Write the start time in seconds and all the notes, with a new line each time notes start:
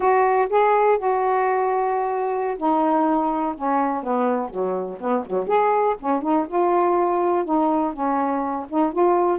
0.00 F#4
0.49 G#4
0.98 F#4
2.57 D#4
3.56 C#4
4.03 B3
4.49 F#3
5.00 B3
5.25 F#3
5.47 G#4
6.00 C#4
6.22 D#4
6.48 F4
7.44 D#4
7.93 C#4
8.69 D#4
8.92 F4